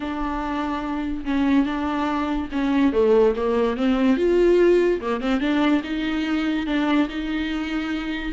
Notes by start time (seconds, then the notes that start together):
0.00 D4
1.24 C#4
1.65 D4
2.52 C#4
2.92 A3
3.35 A#3
3.76 C4
4.16 F4
5.00 A#3
5.20 C4
5.40 D4
5.83 D#4
6.66 D4
7.09 D#4